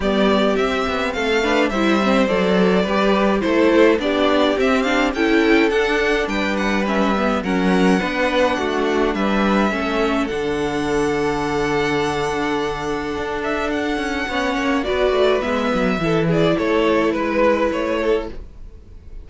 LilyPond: <<
  \new Staff \with { instrumentName = "violin" } { \time 4/4 \tempo 4 = 105 d''4 e''4 f''4 e''4 | d''2 c''4 d''4 | e''8 f''8 g''4 fis''4 g''8 fis''8 | e''4 fis''2. |
e''2 fis''2~ | fis''2.~ fis''8 e''8 | fis''2 d''4 e''4~ | e''8 d''8 cis''4 b'4 cis''4 | }
  \new Staff \with { instrumentName = "violin" } { \time 4/4 g'2 a'8 b'8 c''4~ | c''4 b'4 a'4 g'4~ | g'4 a'2 b'4~ | b'4 ais'4 b'4 fis'4 |
b'4 a'2.~ | a'1~ | a'4 cis''4 b'2 | a'8 gis'8 a'4 b'4. a'8 | }
  \new Staff \with { instrumentName = "viola" } { \time 4/4 b4 c'4. d'8 e'8 c'8 | a'4 g'4 e'4 d'4 | c'8 d'8 e'4 d'2 | cis'8 b8 cis'4 d'2~ |
d'4 cis'4 d'2~ | d'1~ | d'4 cis'4 fis'4 b4 | e'1 | }
  \new Staff \with { instrumentName = "cello" } { \time 4/4 g4 c'8 b8 a4 g4 | fis4 g4 a4 b4 | c'4 cis'4 d'4 g4~ | g4 fis4 b4 a4 |
g4 a4 d2~ | d2. d'4~ | d'8 cis'8 b8 ais8 b8 a8 gis8 fis8 | e4 a4 gis4 a4 | }
>>